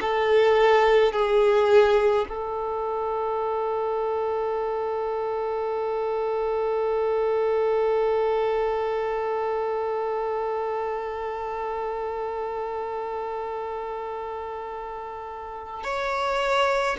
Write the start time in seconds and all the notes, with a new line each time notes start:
0.00 A4
1.12 G#4
2.28 A4
15.83 C#5